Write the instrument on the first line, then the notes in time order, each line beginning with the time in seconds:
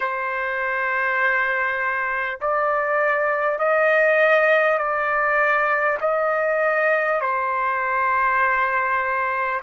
trumpet
0.00 C5
2.40 D5
3.58 D#5
4.78 D5
6.01 D#5
7.20 C5